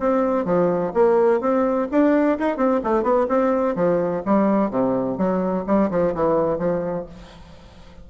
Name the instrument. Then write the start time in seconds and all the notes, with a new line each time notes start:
bassoon
0.00 C4
0.45 F3
0.94 A#3
1.41 C4
1.92 D4
2.39 D#4
2.57 C4
2.84 A3
3.04 B3
3.29 C4
3.76 F3
4.26 G3
4.71 C3
5.18 F#3
5.67 G3
5.91 F3
6.15 E3
6.59 F3